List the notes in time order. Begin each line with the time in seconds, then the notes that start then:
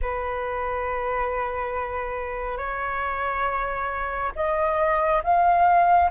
0.01 B4
2.57 C#5
4.35 D#5
5.23 F5